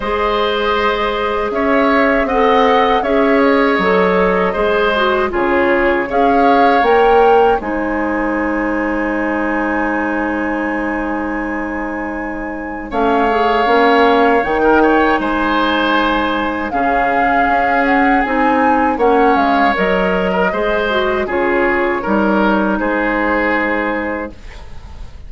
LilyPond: <<
  \new Staff \with { instrumentName = "flute" } { \time 4/4 \tempo 4 = 79 dis''2 e''4 fis''4 | e''8 dis''2~ dis''8 cis''4 | f''4 g''4 gis''2~ | gis''1~ |
gis''4 f''2 g''4 | gis''2 f''4. fis''8 | gis''4 fis''8 f''8 dis''2 | cis''2 c''2 | }
  \new Staff \with { instrumentName = "oboe" } { \time 4/4 c''2 cis''4 dis''4 | cis''2 c''4 gis'4 | cis''2 c''2~ | c''1~ |
c''4 cis''2~ cis''16 ais'16 cis''8 | c''2 gis'2~ | gis'4 cis''4.~ cis''16 ais'16 c''4 | gis'4 ais'4 gis'2 | }
  \new Staff \with { instrumentName = "clarinet" } { \time 4/4 gis'2. a'4 | gis'4 a'4 gis'8 fis'8 f'4 | gis'4 ais'4 dis'2~ | dis'1~ |
dis'4 cis'8 gis'8 cis'4 dis'4~ | dis'2 cis'2 | dis'4 cis'4 ais'4 gis'8 fis'8 | f'4 dis'2. | }
  \new Staff \with { instrumentName = "bassoon" } { \time 4/4 gis2 cis'4 c'4 | cis'4 fis4 gis4 cis4 | cis'4 ais4 gis2~ | gis1~ |
gis4 a4 ais4 dis4 | gis2 cis4 cis'4 | c'4 ais8 gis8 fis4 gis4 | cis4 g4 gis2 | }
>>